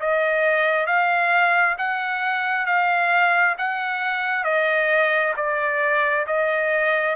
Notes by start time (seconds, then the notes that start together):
0.00 D#5
0.86 F5
1.78 F#5
2.66 F5
3.58 F#5
4.44 D#5
5.36 D5
6.26 D#5